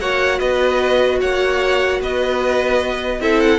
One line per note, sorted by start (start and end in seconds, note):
0.00 0.40 A#3
0.00 3.21 F#4
0.00 0.39 C#5
0.00 0.40 F#5
0.39 1.21 B3
0.39 1.19 B4
0.39 1.20 D#5
1.21 2.01 A#3
1.21 2.01 C#5
1.21 2.01 F#5
2.01 3.20 B3
2.01 3.21 B4
2.01 3.22 D#5
3.20 3.59 C4
3.20 3.59 E4
3.20 3.59 A4
3.20 3.41 E5
3.41 3.59 F#5